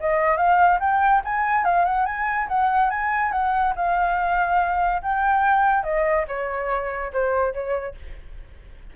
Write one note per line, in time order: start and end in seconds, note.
0.00 0.37 D#5
0.37 0.79 F5
0.80 1.22 G5
1.25 1.64 G#5
1.64 1.85 F5
1.85 2.06 F#5
2.06 2.48 G#5
2.48 2.90 F#5
2.90 3.32 G#5
3.32 3.74 F#5
3.76 5.02 F5
5.02 5.83 G5
5.83 6.25 D#5
6.28 7.12 C#5
7.13 7.53 C5
7.53 7.95 C#5